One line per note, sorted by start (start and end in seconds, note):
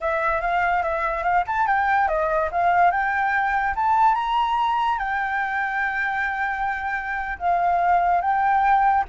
0.00 0.41 E5
0.41 0.82 F5
0.82 1.23 E5
1.23 1.44 F5
1.46 1.67 A5
1.67 2.08 G5
2.08 2.49 D#5
2.51 2.91 F5
2.91 3.74 G5
3.75 4.15 A5
4.15 4.98 A#5
4.98 7.37 G5
7.38 8.21 F5
8.21 9.04 G5